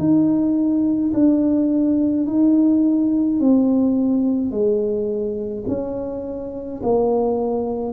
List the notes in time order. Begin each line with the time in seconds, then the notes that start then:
0.00 D#4
1.14 D4
2.27 D#4
3.41 C4
4.52 G#3
5.68 C#4
6.83 A#3